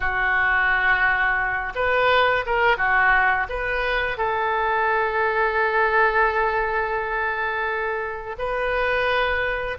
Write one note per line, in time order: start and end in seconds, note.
0.00 1.73 F#4
1.75 2.45 B4
2.45 2.77 A#4
2.77 3.47 F#4
3.49 4.17 B4
4.17 8.36 A4
8.38 9.77 B4